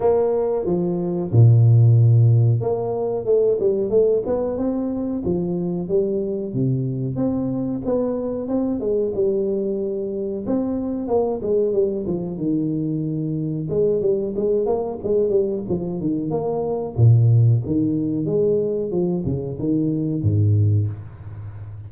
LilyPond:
\new Staff \with { instrumentName = "tuba" } { \time 4/4 \tempo 4 = 92 ais4 f4 ais,2 | ais4 a8 g8 a8 b8 c'4 | f4 g4 c4 c'4 | b4 c'8 gis8 g2 |
c'4 ais8 gis8 g8 f8 dis4~ | dis4 gis8 g8 gis8 ais8 gis8 g8 | f8 dis8 ais4 ais,4 dis4 | gis4 f8 cis8 dis4 gis,4 | }